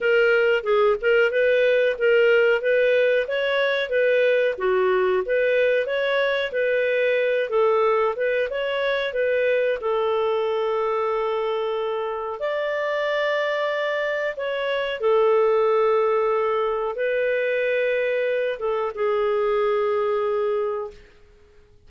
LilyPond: \new Staff \with { instrumentName = "clarinet" } { \time 4/4 \tempo 4 = 92 ais'4 gis'8 ais'8 b'4 ais'4 | b'4 cis''4 b'4 fis'4 | b'4 cis''4 b'4. a'8~ | a'8 b'8 cis''4 b'4 a'4~ |
a'2. d''4~ | d''2 cis''4 a'4~ | a'2 b'2~ | b'8 a'8 gis'2. | }